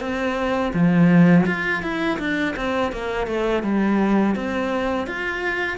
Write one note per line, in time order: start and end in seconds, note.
0.00 0.72 C4
0.73 1.45 F3
1.46 1.82 F4
1.82 2.19 E4
2.19 2.55 D4
2.56 2.92 C4
2.92 3.27 A#3
3.27 3.63 A3
3.63 4.35 G3
4.35 5.07 C4
5.07 5.78 F4